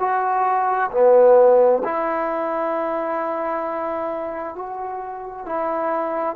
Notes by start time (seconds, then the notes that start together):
0.00 F#4
0.92 B3
1.85 E4
4.56 F#4
5.46 E4